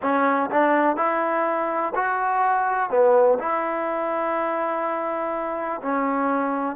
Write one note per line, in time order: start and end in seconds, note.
0.01 0.50 C#4
0.50 0.96 D4
0.96 1.93 E4
1.95 2.89 F#4
2.89 3.38 B3
3.39 5.81 E4
5.82 6.76 C#4